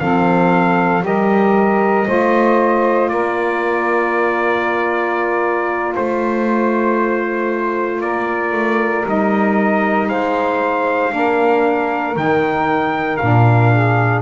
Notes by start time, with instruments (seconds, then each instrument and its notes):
0.00 double bass F3, saxophone C4 A4, trumpet F5
1.02 double bass G3, saxophone G4 A#4, trumpet D#5
2.06 double bass A3, saxophone F4 C5
3.09 double bass A#3, saxophone A#4, trumpet D5
5.95 double bass A3, saxophone C5, trumpet C5
8.01 double bass A#3, saxophone A#4, trumpet D5
8.52 double bass A3
9.05 double bass G3, saxophone D#4, trumpet D#5
10.09 double bass G#3, saxophone C5, trumpet F5
11.10 double bass A#3, saxophone D4 A#4
12.15 double bass D#3, saxophone D#4, trumpet G5
13.17 double bass A#2, saxophone D4, trumpet F5
13.72 saxophone G#4